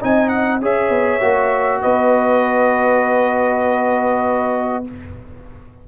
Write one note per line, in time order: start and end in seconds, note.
0.00 0.61 C4
0.00 0.61 D#4
0.00 0.61 D#5
0.00 0.28 G#5
0.28 0.59 F#5
0.61 0.90 C#4
0.61 1.21 G#4
0.61 1.82 C#5
0.61 1.82 E5
0.90 1.20 B3
1.21 1.82 A#3
1.21 4.84 F#4
1.82 4.88 B3
1.82 4.85 B4
1.82 4.85 D#5